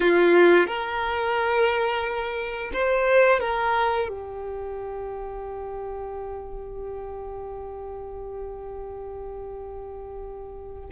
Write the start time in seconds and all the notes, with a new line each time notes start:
0.00 F4
0.66 A#4
2.73 C5
3.40 A#4
4.08 G4